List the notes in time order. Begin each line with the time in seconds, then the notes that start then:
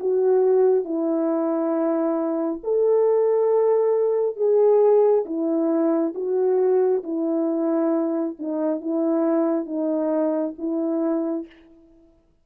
0.00 F#4
0.85 E4
2.64 A4
4.36 G#4
5.25 E4
6.15 F#4
7.03 E4
8.39 D#4
8.81 E4
9.66 D#4
10.58 E4